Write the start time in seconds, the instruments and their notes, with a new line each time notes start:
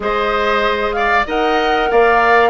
0.00 bassoon G#3, clarinet G#4, oboe C5, flute D#5
0.92 oboe D5, flute F5
1.26 bassoon D#4, clarinet A#4, oboe D#5, flute F#5
1.90 bassoon A#3, oboe D5, flute F5